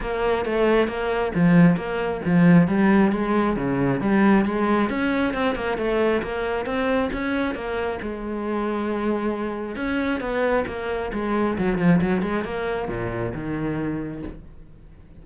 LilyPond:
\new Staff \with { instrumentName = "cello" } { \time 4/4 \tempo 4 = 135 ais4 a4 ais4 f4 | ais4 f4 g4 gis4 | cis4 g4 gis4 cis'4 | c'8 ais8 a4 ais4 c'4 |
cis'4 ais4 gis2~ | gis2 cis'4 b4 | ais4 gis4 fis8 f8 fis8 gis8 | ais4 ais,4 dis2 | }